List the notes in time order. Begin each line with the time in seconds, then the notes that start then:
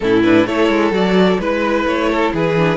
0.00 A2 C#4 E4 A4
0.23 D4 B4
0.46 A3 E4 A4 C#5
0.68 G#3
0.91 F#3 F#4 D5
1.39 G#3 E4 B4
1.85 A3 C#5
2.09 A4
2.33 E3 G#4 B4
2.57 D4